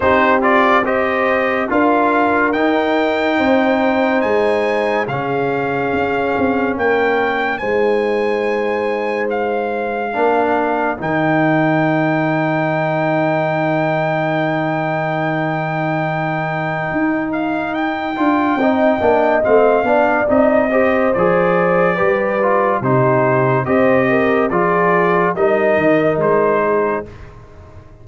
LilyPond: <<
  \new Staff \with { instrumentName = "trumpet" } { \time 4/4 \tempo 4 = 71 c''8 d''8 dis''4 f''4 g''4~ | g''4 gis''4 f''2 | g''4 gis''2 f''4~ | f''4 g''2.~ |
g''1~ | g''8 f''8 g''2 f''4 | dis''4 d''2 c''4 | dis''4 d''4 dis''4 c''4 | }
  \new Staff \with { instrumentName = "horn" } { \time 4/4 g'4 c''4 ais'2 | c''2 gis'2 | ais'4 c''2. | ais'1~ |
ais'1~ | ais'2 dis''4. d''8~ | d''8 c''4. b'4 g'4 | c''8 ais'8 gis'4 ais'4. gis'8 | }
  \new Staff \with { instrumentName = "trombone" } { \time 4/4 dis'8 f'8 g'4 f'4 dis'4~ | dis'2 cis'2~ | cis'4 dis'2. | d'4 dis'2.~ |
dis'1~ | dis'4. f'8 dis'8 d'8 c'8 d'8 | dis'8 g'8 gis'4 g'8 f'8 dis'4 | g'4 f'4 dis'2 | }
  \new Staff \with { instrumentName = "tuba" } { \time 4/4 c'2 d'4 dis'4 | c'4 gis4 cis4 cis'8 c'8 | ais4 gis2. | ais4 dis2.~ |
dis1 | dis'4. d'8 c'8 ais8 a8 b8 | c'4 f4 g4 c4 | c'4 f4 g8 dis8 gis4 | }
>>